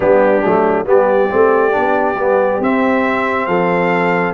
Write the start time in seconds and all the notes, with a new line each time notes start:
0.00 G3 B3 D4 G4
0.43 F#3 A3
0.85 G3 B3 G4 D5
1.30 A3 C4
1.71 B3 D4
2.15 G3 B3
2.60 C4 E5
3.46 F3 A4 F5